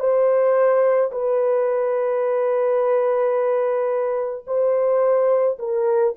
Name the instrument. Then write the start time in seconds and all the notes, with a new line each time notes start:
horn
0.00 C5
1.12 B4
4.47 C5
5.59 A#4